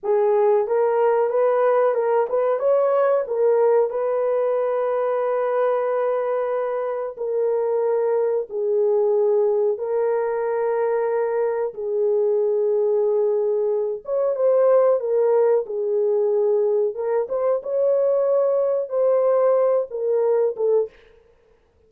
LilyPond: \new Staff \with { instrumentName = "horn" } { \time 4/4 \tempo 4 = 92 gis'4 ais'4 b'4 ais'8 b'8 | cis''4 ais'4 b'2~ | b'2. ais'4~ | ais'4 gis'2 ais'4~ |
ais'2 gis'2~ | gis'4. cis''8 c''4 ais'4 | gis'2 ais'8 c''8 cis''4~ | cis''4 c''4. ais'4 a'8 | }